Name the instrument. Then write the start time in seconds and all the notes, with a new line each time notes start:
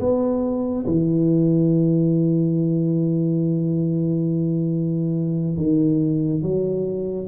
tuba
0.00 B3
0.86 E3
5.57 D#3
6.43 F#3